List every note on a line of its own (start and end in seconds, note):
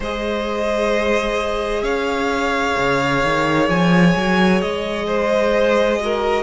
0.00 1.82 G#3
0.00 5.99 G#4
0.00 1.83 C5
0.00 1.83 D#5
1.82 2.74 C#4
1.82 5.06 C#5
1.82 3.68 F5
2.77 3.23 C#3
3.23 3.68 D#3
3.68 4.14 F3
3.68 4.61 G#5
4.16 4.62 F#3
4.61 6.43 G#3
4.61 6.43 D#5
5.07 5.99 C5
5.99 6.43 F#4
5.99 6.43 A#4